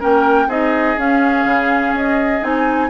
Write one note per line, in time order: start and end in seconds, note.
0.00 0.48 A#3
0.00 0.48 C#4
0.00 0.48 A#4
0.00 0.51 G5
0.48 0.96 C4
0.48 0.98 D#4
0.48 2.90 G#4
0.48 0.99 D#5
0.98 1.44 C#4
0.98 2.42 C#4
0.98 1.96 F5
1.44 1.93 C#3
1.93 2.41 C#4
1.93 2.44 D#5
2.42 2.90 C4
2.42 2.90 D#4
2.42 2.90 G#5